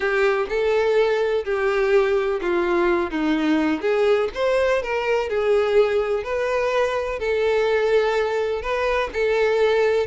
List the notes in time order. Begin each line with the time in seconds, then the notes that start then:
0.00 G4
0.49 A4
1.44 G4
2.41 F4
3.10 D#4
3.81 G#4
4.34 C5
4.82 A#4
5.29 G#4
6.23 B4
7.19 A4
8.62 B4
9.13 A4